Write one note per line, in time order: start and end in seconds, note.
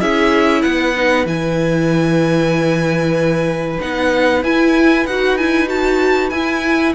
0.00 0.64 C#4
0.00 0.95 E4
0.00 0.62 G#4
0.00 0.62 E5
0.62 1.25 B3
0.62 6.94 B4
0.62 1.25 F#5
0.96 1.26 D#4
1.25 3.78 E3
1.25 3.79 E4
1.25 3.81 G#5
3.80 4.43 B3
3.80 4.43 D#4
3.80 4.44 F#5
4.43 5.06 E4
4.43 5.08 E4
4.43 5.07 G#5
5.06 6.32 D#4
5.06 5.39 F#4
5.06 5.37 F#5
5.37 5.67 E4
5.37 5.69 G#5
5.67 6.30 F#4
5.67 6.30 A5
6.30 6.95 E4
6.30 6.93 G#5